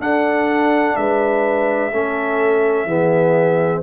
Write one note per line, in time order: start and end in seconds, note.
0.00 0.95 D4
0.00 1.91 D4
0.00 0.98 A4
0.00 0.96 F#5
0.96 1.92 G#3
0.96 1.93 B4
0.96 3.82 E5
1.92 2.86 A3
1.92 2.87 C#4
1.92 2.87 A4
2.86 3.81 E3
2.86 3.83 B3
2.86 3.83 G#4